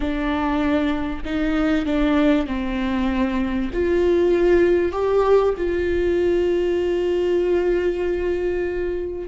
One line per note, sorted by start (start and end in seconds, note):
0.00 1.23 D4
1.25 1.85 D#4
1.85 2.47 D4
2.47 3.70 C4
3.73 4.92 F4
4.92 5.54 G4
5.57 9.28 F4